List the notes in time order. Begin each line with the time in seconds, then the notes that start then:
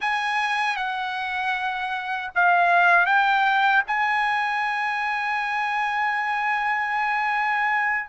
0.00 G#5
0.76 F#5
2.35 F5
3.06 G5
3.87 G#5